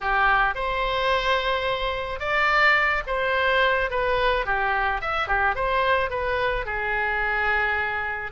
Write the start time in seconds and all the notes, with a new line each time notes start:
0.01 G4
0.54 C5
2.19 D5
3.07 C5
3.90 B4
4.45 G4
5.01 E5
5.27 G4
5.55 C5
6.10 B4
6.65 G#4